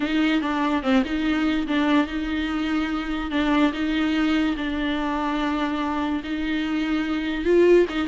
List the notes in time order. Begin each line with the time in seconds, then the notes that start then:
0.00 D#4
0.41 D4
0.82 C4
1.04 D#4
1.67 D4
2.07 D#4
3.30 D4
3.73 D#4
4.56 D4
6.23 D#4
7.44 F4
7.89 D#4